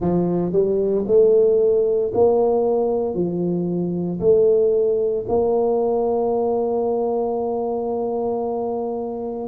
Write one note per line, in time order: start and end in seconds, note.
0.00 0.52 F3
0.52 1.05 G3
1.07 2.12 A3
2.13 3.14 A#3
3.14 4.19 F3
4.20 5.25 A3
5.28 9.48 A#3